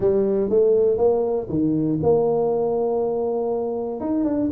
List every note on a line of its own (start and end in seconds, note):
0.00 0.49 G3
0.49 0.97 A3
0.97 1.47 A#3
1.49 1.99 D#3
2.02 4.00 A#3
4.00 4.24 D#4
4.24 4.49 D4